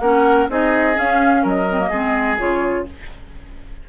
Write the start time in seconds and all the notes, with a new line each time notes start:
0.00 A#3 C#4 A#4 F#5
0.49 C4 D#4 G#4 D#5
0.95 C#4 F5
1.43 F#3 A#4 D#5
1.71 C4
1.80 A#3
1.90 G#3 C4 G#4
2.38 C#3 F4 C#5